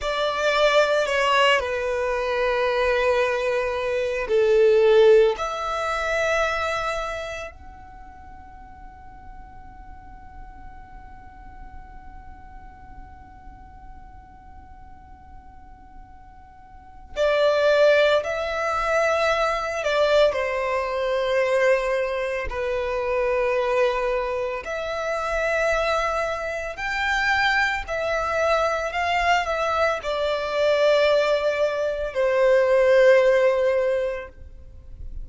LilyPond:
\new Staff \with { instrumentName = "violin" } { \time 4/4 \tempo 4 = 56 d''4 cis''8 b'2~ b'8 | a'4 e''2 fis''4~ | fis''1~ | fis''1 |
d''4 e''4. d''8 c''4~ | c''4 b'2 e''4~ | e''4 g''4 e''4 f''8 e''8 | d''2 c''2 | }